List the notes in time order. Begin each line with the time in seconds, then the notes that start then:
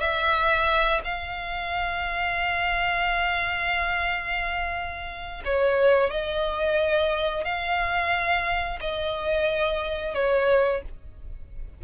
0.00 E5
1.05 F5
5.45 C#5
6.10 D#5
7.45 F5
8.81 D#5
10.15 C#5